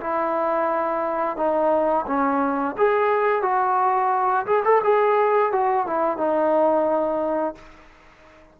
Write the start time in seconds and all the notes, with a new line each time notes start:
0.00 E4
1.36 D#4
2.06 C#4
2.77 G#4
3.42 F#4
4.46 G#4
4.64 A4
4.84 G#4
5.52 F#4
5.86 E4
6.17 D#4